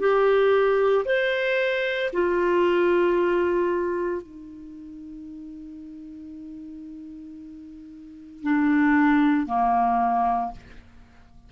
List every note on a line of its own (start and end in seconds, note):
0.00 1.05 G4
1.06 2.11 C5
2.13 4.22 F4
4.22 8.43 D#4
8.43 9.47 D4
9.47 10.52 A#3